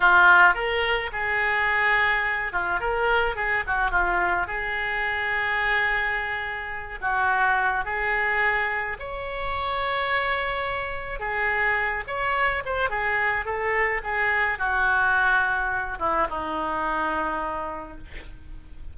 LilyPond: \new Staff \with { instrumentName = "oboe" } { \time 4/4 \tempo 4 = 107 f'4 ais'4 gis'2~ | gis'8 f'8 ais'4 gis'8 fis'8 f'4 | gis'1~ | gis'8 fis'4. gis'2 |
cis''1 | gis'4. cis''4 c''8 gis'4 | a'4 gis'4 fis'2~ | fis'8 e'8 dis'2. | }